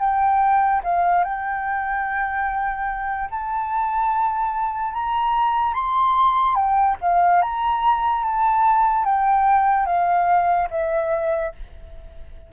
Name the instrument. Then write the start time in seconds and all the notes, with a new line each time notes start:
flute
0.00 G5
0.84 F5
1.24 G5
3.31 A5
4.94 A#5
5.74 C6
6.56 G5
7.02 F5
7.42 A#5
8.24 A5
9.06 G5
9.87 F5
10.71 E5